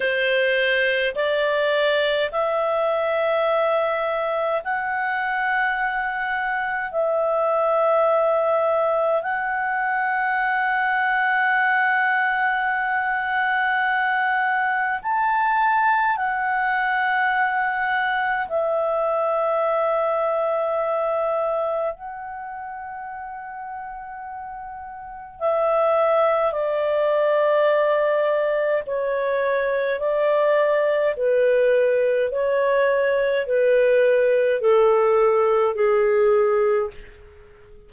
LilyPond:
\new Staff \with { instrumentName = "clarinet" } { \time 4/4 \tempo 4 = 52 c''4 d''4 e''2 | fis''2 e''2 | fis''1~ | fis''4 a''4 fis''2 |
e''2. fis''4~ | fis''2 e''4 d''4~ | d''4 cis''4 d''4 b'4 | cis''4 b'4 a'4 gis'4 | }